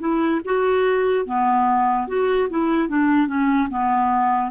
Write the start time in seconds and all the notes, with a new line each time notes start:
0.00 E4
0.45 F#4
1.26 B3
2.08 F#4
2.50 E4
2.89 D4
3.28 C#4
3.70 B3